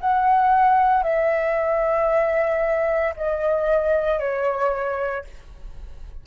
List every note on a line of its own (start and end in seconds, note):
0.00 1.03 F#5
1.03 3.13 E5
3.16 4.19 D#5
4.19 5.24 C#5